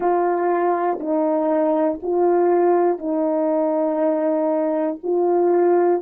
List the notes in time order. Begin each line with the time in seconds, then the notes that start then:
0.00 F4
1.00 D#4
2.02 F4
2.98 D#4
5.03 F4